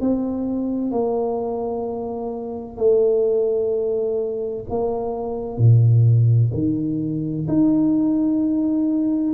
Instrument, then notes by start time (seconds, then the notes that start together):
tuba
0.00 C4
0.91 A#3
2.77 A3
4.69 A#3
5.57 A#2
6.53 D#3
7.48 D#4